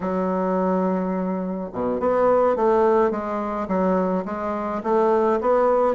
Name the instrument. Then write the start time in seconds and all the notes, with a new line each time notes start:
bassoon
0.00 F#3
1.72 B2
2.00 B3
2.56 A3
3.11 G#3
3.68 F#3
4.25 G#3
4.83 A3
5.40 B3